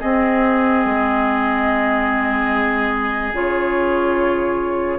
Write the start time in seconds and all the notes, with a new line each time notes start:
0.00 C4 G#4 D#5
0.85 G#3
3.33 C#3 F4 C#5